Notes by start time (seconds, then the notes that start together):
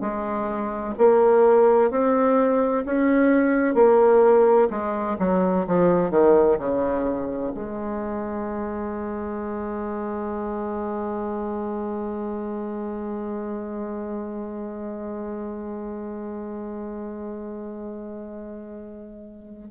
0.00 G#3
0.98 A#3
1.90 C4
2.85 C#4
3.74 A#3
4.70 G#3
5.19 F#3
5.67 F3
6.10 D#3
6.58 C#3
7.54 G#3